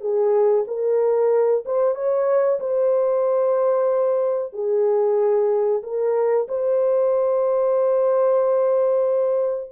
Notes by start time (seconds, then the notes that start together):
0.00 G#4
0.67 A#4
1.65 C5
1.95 C#5
2.60 C5
4.53 G#4
5.83 A#4
6.48 C5